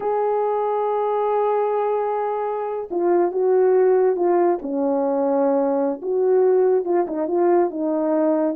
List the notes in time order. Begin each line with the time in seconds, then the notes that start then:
0.00 G#4
2.90 F4
3.31 F#4
4.16 F4
4.62 C#4
6.02 F#4
6.84 F4
7.07 D#4
7.27 F4
7.70 D#4